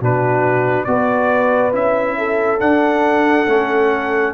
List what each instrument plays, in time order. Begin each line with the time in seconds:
0.00 tuba B2, trombone D4, horn F#4, trumpet B4
0.85 tuba B3, trombone F#4, horn B4, trumpet D5
1.73 tuba C#4, trombone E4, trumpet E5
2.18 horn A4
2.60 trombone D4, tuba D4, trumpet F#5
3.47 tuba A3, trombone C#4